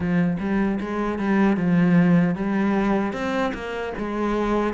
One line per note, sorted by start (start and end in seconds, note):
0.00 0.37 F3
0.39 0.79 G3
0.80 1.18 G#3
1.18 1.56 G3
1.56 2.35 F3
2.35 3.12 G3
3.12 3.52 C4
3.53 3.93 A#3
3.98 4.73 G#3